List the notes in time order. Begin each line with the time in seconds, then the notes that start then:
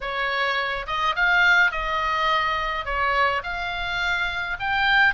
0.00 C#5
0.86 D#5
1.15 F5
1.71 D#5
2.85 C#5
3.43 F5
4.59 G5